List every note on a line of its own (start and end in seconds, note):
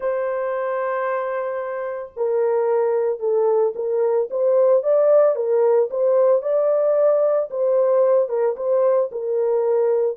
0.00 2.12 C5
2.16 3.19 A#4
3.19 3.73 A4
3.75 4.29 A#4
4.30 4.83 C5
4.83 5.35 D5
5.35 5.89 A#4
5.90 6.42 C5
6.42 7.49 D5
7.50 8.28 C5
8.28 8.55 A#4
8.56 9.10 C5
9.11 10.17 A#4